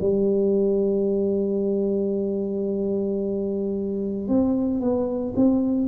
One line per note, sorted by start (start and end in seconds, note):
0.00 4.28 G3
4.28 4.80 C4
4.80 5.34 B3
5.36 5.87 C4